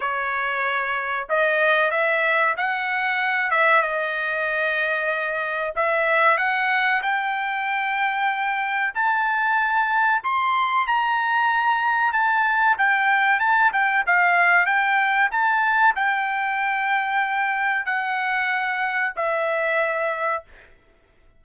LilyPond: \new Staff \with { instrumentName = "trumpet" } { \time 4/4 \tempo 4 = 94 cis''2 dis''4 e''4 | fis''4. e''8 dis''2~ | dis''4 e''4 fis''4 g''4~ | g''2 a''2 |
c'''4 ais''2 a''4 | g''4 a''8 g''8 f''4 g''4 | a''4 g''2. | fis''2 e''2 | }